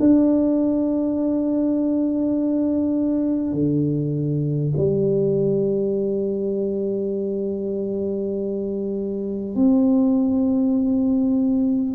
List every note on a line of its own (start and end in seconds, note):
0.00 3.53 D4
3.53 4.73 D3
4.77 9.56 G3
9.56 11.95 C4